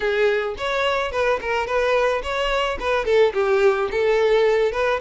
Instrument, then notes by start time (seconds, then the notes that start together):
violin
0.00 G#4
0.57 C#5
1.11 B4
1.41 A#4
1.66 B4
2.22 C#5
2.79 B4
3.05 A4
3.33 G4
3.91 A4
4.72 B4